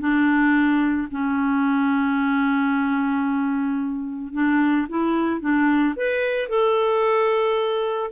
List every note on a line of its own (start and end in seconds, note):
0.00 1.08 D4
1.11 4.33 C#4
4.33 4.87 D4
4.89 5.41 E4
5.41 5.95 D4
5.96 6.49 B4
6.49 8.11 A4